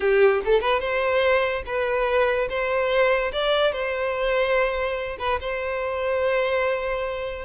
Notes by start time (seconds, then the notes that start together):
0.00 G4
0.44 A4
0.60 B4
0.80 C5
1.66 B4
2.49 C5
3.32 D5
3.72 C5
5.18 B4
5.40 C5